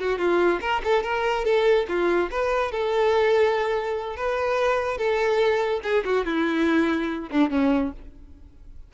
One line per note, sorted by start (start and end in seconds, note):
0.00 0.19 F#4
0.19 0.60 F4
0.61 0.82 A#4
0.84 1.04 A4
1.04 1.45 A#4
1.45 1.87 A4
1.89 2.30 F4
2.31 2.72 B4
2.72 4.17 A4
4.17 4.98 B4
4.98 5.81 A4
5.84 6.04 G#4
6.05 6.26 F#4
6.26 7.30 E4
7.31 7.50 D4
7.50 7.92 C#4